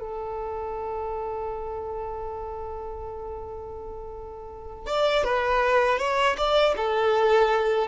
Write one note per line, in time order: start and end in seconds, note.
0.00 4.86 A4
4.86 5.24 D5
5.24 5.99 B4
5.99 6.36 C#5
6.38 6.75 D5
6.77 7.88 A4